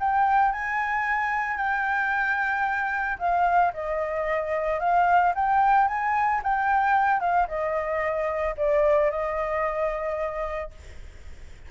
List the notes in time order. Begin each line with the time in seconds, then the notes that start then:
0.00 G5
0.52 G#5
1.57 G5
3.19 F5
3.74 D#5
4.80 F5
5.35 G5
5.88 G#5
6.44 G5
7.20 F5
7.48 D#5
8.57 D5
9.11 D#5